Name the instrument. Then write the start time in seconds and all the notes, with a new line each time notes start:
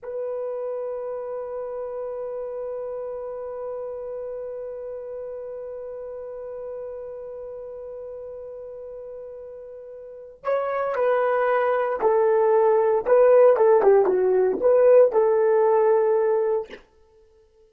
horn
0.03 B4
10.43 C#5
10.95 B4
12.00 A4
13.06 B4
13.57 A4
13.82 G4
14.05 F#4
14.60 B4
15.12 A4